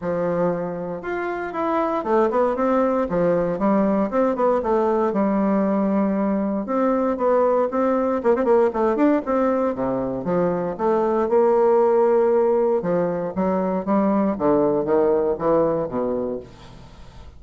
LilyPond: \new Staff \with { instrumentName = "bassoon" } { \time 4/4 \tempo 4 = 117 f2 f'4 e'4 | a8 b8 c'4 f4 g4 | c'8 b8 a4 g2~ | g4 c'4 b4 c'4 |
ais16 c'16 ais8 a8 d'8 c'4 c4 | f4 a4 ais2~ | ais4 f4 fis4 g4 | d4 dis4 e4 b,4 | }